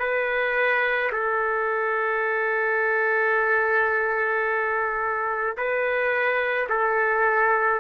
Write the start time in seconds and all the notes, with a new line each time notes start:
0.00 B4
1.13 A4
5.58 B4
6.70 A4